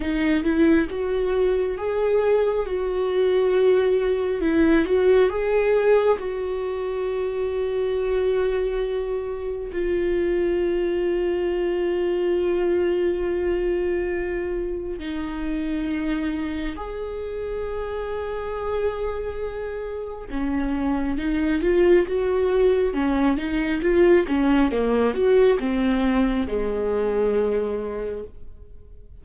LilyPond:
\new Staff \with { instrumentName = "viola" } { \time 4/4 \tempo 4 = 68 dis'8 e'8 fis'4 gis'4 fis'4~ | fis'4 e'8 fis'8 gis'4 fis'4~ | fis'2. f'4~ | f'1~ |
f'4 dis'2 gis'4~ | gis'2. cis'4 | dis'8 f'8 fis'4 cis'8 dis'8 f'8 cis'8 | ais8 fis'8 c'4 gis2 | }